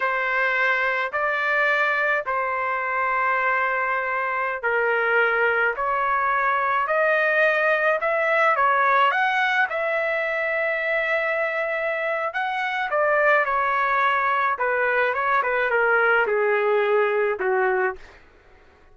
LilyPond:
\new Staff \with { instrumentName = "trumpet" } { \time 4/4 \tempo 4 = 107 c''2 d''2 | c''1~ | c''16 ais'2 cis''4.~ cis''16~ | cis''16 dis''2 e''4 cis''8.~ |
cis''16 fis''4 e''2~ e''8.~ | e''2 fis''4 d''4 | cis''2 b'4 cis''8 b'8 | ais'4 gis'2 fis'4 | }